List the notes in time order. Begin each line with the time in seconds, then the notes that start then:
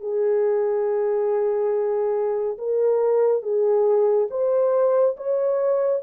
0.00 G#4
2.58 A#4
3.42 G#4
4.30 C5
5.17 C#5